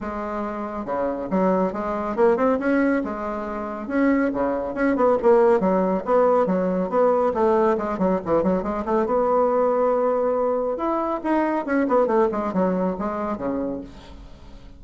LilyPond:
\new Staff \with { instrumentName = "bassoon" } { \time 4/4 \tempo 4 = 139 gis2 cis4 fis4 | gis4 ais8 c'8 cis'4 gis4~ | gis4 cis'4 cis4 cis'8 b8 | ais4 fis4 b4 fis4 |
b4 a4 gis8 fis8 e8 fis8 | gis8 a8 b2.~ | b4 e'4 dis'4 cis'8 b8 | a8 gis8 fis4 gis4 cis4 | }